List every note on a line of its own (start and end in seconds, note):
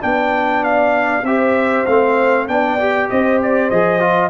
0.00 1.23 B3
0.00 1.22 D4
0.00 1.26 D5
0.00 0.63 G5
0.64 1.25 F5
1.23 1.84 C4
1.23 1.87 G4
1.23 2.49 C5
1.23 1.86 E5
1.86 2.48 A3
1.86 2.48 C4
1.86 2.47 F5
2.48 3.09 B3
2.48 2.78 D4
2.48 3.10 D5
2.48 3.09 G5
2.79 3.71 G4
3.09 3.70 C4
3.09 4.29 C5
3.09 3.40 D#5
3.42 3.70 D5
3.70 4.29 F3
3.70 4.00 G#4
3.70 4.29 D#5
4.00 4.29 F4